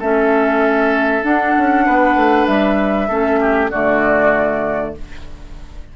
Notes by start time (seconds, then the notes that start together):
0.00 A3 C#4 A4 E5
1.23 D4 F#5
1.58 C#4
1.86 B3 B4
2.16 A3
2.47 G3 E5
3.09 A3 C#4 A4
3.41 G4
3.71 D3 A3 F#4 D5